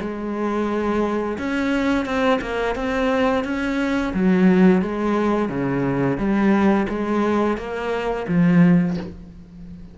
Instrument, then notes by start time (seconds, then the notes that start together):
cello
0.00 G#3
1.38 C#4
2.05 C4
2.41 A#3
2.76 C4
3.44 C#4
4.13 F#3
4.82 G#3
5.49 C#3
6.18 G3
6.89 G#3
7.57 A#3
8.28 F3